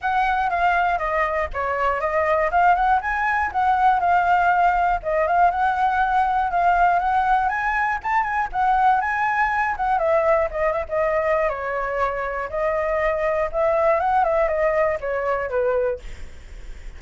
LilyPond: \new Staff \with { instrumentName = "flute" } { \time 4/4 \tempo 4 = 120 fis''4 f''4 dis''4 cis''4 | dis''4 f''8 fis''8 gis''4 fis''4 | f''2 dis''8 f''8 fis''4~ | fis''4 f''4 fis''4 gis''4 |
a''8 gis''8 fis''4 gis''4. fis''8 | e''4 dis''8 e''16 dis''4~ dis''16 cis''4~ | cis''4 dis''2 e''4 | fis''8 e''8 dis''4 cis''4 b'4 | }